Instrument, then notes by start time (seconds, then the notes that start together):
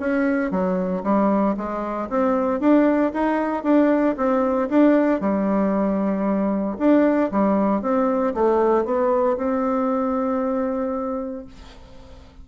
bassoon
0.00 C#4
0.51 F#3
1.04 G3
1.57 G#3
2.10 C4
2.60 D4
3.14 D#4
3.64 D4
4.17 C4
4.69 D4
5.21 G3
6.78 D4
7.31 G3
7.82 C4
8.34 A3
8.85 B3
9.37 C4